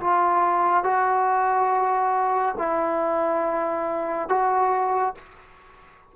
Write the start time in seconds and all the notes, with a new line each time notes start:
0.00 F4
0.83 F#4
2.58 E4
4.29 F#4